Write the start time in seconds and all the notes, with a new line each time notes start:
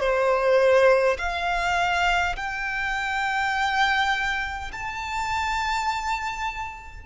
0.00 C5
1.18 F5
2.36 G5
4.72 A5